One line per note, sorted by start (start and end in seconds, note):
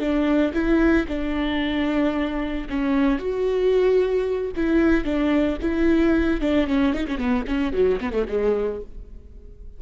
0.00 0.53 D4
0.54 1.07 E4
1.09 2.68 D4
2.70 3.19 C#4
3.19 4.52 F#4
4.56 5.05 E4
5.05 5.58 D4
5.62 6.41 E4
6.41 6.68 D4
6.68 6.94 C#4
6.94 7.07 D#4
7.08 7.18 C#4
7.18 7.45 B3
7.48 7.73 C#4
7.73 8.00 F#3
8.01 8.13 B3
8.13 8.26 A3
8.28 8.81 G#3